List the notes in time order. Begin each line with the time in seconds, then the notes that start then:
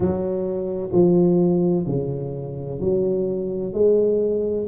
0.00 F#3
0.92 F3
1.86 C#3
2.80 F#3
3.73 G#3